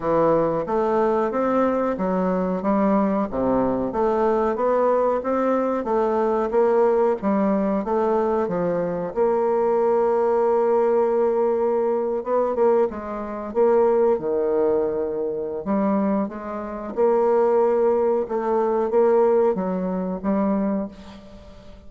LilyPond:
\new Staff \with { instrumentName = "bassoon" } { \time 4/4 \tempo 4 = 92 e4 a4 c'4 fis4 | g4 c4 a4 b4 | c'4 a4 ais4 g4 | a4 f4 ais2~ |
ais2~ ais8. b8 ais8 gis16~ | gis8. ais4 dis2~ dis16 | g4 gis4 ais2 | a4 ais4 fis4 g4 | }